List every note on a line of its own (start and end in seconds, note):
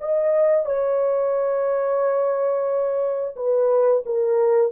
0.00 0.65 D#5
0.65 3.35 C#5
3.36 4.03 B4
4.05 4.72 A#4